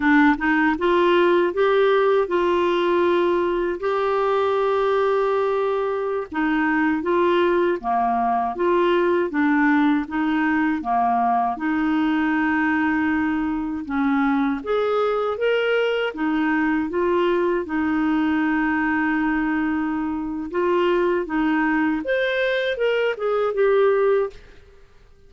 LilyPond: \new Staff \with { instrumentName = "clarinet" } { \time 4/4 \tempo 4 = 79 d'8 dis'8 f'4 g'4 f'4~ | f'4 g'2.~ | g'16 dis'4 f'4 ais4 f'8.~ | f'16 d'4 dis'4 ais4 dis'8.~ |
dis'2~ dis'16 cis'4 gis'8.~ | gis'16 ais'4 dis'4 f'4 dis'8.~ | dis'2. f'4 | dis'4 c''4 ais'8 gis'8 g'4 | }